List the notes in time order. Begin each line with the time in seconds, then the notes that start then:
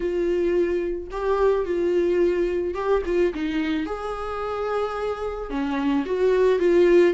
0.00 F4
1.11 G4
1.65 F4
2.74 G4
3.05 F4
3.34 D#4
3.85 G#4
5.49 C#4
6.05 F#4
6.59 F4